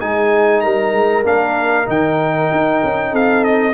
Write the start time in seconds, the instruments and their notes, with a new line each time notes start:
0.00 tuba G#3, trombone D#4, horn G#4, trumpet G#5
0.61 tuba G3, horn A#4, trumpet A#5
0.93 tuba G#3
1.24 tuba A#3, trombone D4, trumpet F5
1.86 tuba D#3, trombone D#4, trumpet G5
2.52 tuba D#4
2.84 tuba C#4
3.12 tuba C4, horn A4, trumpet F5
3.45 trumpet D#5